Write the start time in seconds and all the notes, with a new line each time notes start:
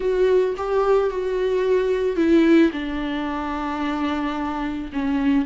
0.00 F#4
0.57 G4
1.10 F#4
2.16 E4
2.72 D4
4.92 C#4